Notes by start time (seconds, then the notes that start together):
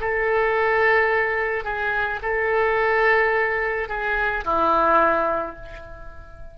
0.00 A4
1.64 G#4
2.22 A4
3.88 G#4
4.44 E4